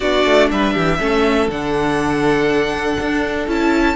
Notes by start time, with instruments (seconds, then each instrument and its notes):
0.00 cello B3, viola D4, violin F#4 D5
0.25 cello A3
0.50 cello G3, violin B4 E5
0.73 cello E3, violin G4
0.99 cello A3, viola C#4, violin A4
1.48 cello D3, viola D4, violin F#5
2.99 cello D4
3.47 cello C#4, viola E4, violin A5